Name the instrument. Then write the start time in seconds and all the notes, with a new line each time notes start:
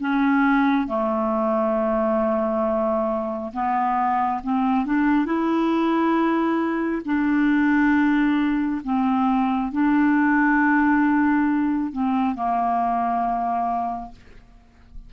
clarinet
0.00 C#4
0.87 A3
3.53 B3
4.43 C4
4.85 D4
5.25 E4
7.05 D4
8.84 C4
9.72 D4
11.92 C4
12.35 A#3